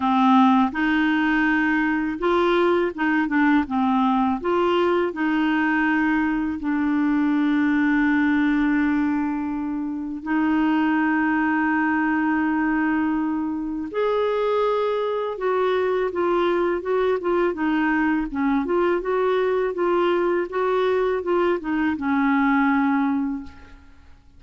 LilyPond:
\new Staff \with { instrumentName = "clarinet" } { \time 4/4 \tempo 4 = 82 c'4 dis'2 f'4 | dis'8 d'8 c'4 f'4 dis'4~ | dis'4 d'2.~ | d'2 dis'2~ |
dis'2. gis'4~ | gis'4 fis'4 f'4 fis'8 f'8 | dis'4 cis'8 f'8 fis'4 f'4 | fis'4 f'8 dis'8 cis'2 | }